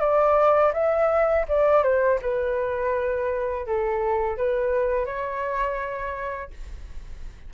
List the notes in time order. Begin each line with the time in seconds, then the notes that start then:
0.00 D5
0.73 E5
1.48 D5
1.83 C5
2.21 B4
3.66 A4
4.37 B4
5.06 C#5